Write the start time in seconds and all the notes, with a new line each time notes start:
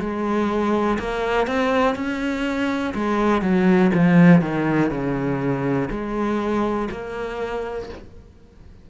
0.00 G#3
0.99 A#3
1.47 C4
1.95 C#4
2.95 G#3
3.42 F#3
3.94 F3
4.41 D#3
4.90 C#3
5.90 G#3
6.91 A#3